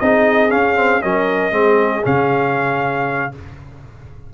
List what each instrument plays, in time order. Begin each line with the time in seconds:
0.00 tuba C4, trombone D#4, horn G#4, trumpet D#5
0.50 trombone C#4, tuba C#4, trumpet F5
0.76 trombone C4
1.01 tuba F#3, trombone C#4, horn A#4, trumpet D#5
1.52 tuba G#3, trombone C4, horn G#4
2.04 tuba C#3, trombone C#4, trumpet F5